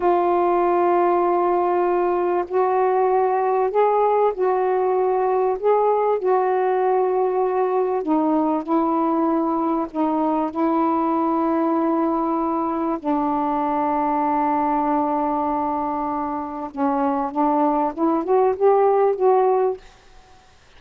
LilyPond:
\new Staff \with { instrumentName = "saxophone" } { \time 4/4 \tempo 4 = 97 f'1 | fis'2 gis'4 fis'4~ | fis'4 gis'4 fis'2~ | fis'4 dis'4 e'2 |
dis'4 e'2.~ | e'4 d'2.~ | d'2. cis'4 | d'4 e'8 fis'8 g'4 fis'4 | }